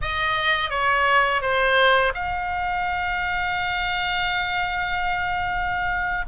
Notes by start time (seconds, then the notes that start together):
0.01 D#5
0.69 C#5
1.41 C5
2.14 F5